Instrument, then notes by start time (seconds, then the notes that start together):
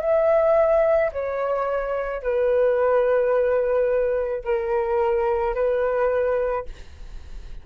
flute
0.00 E5
1.12 C#5
2.22 B4
4.44 A#4
5.54 B4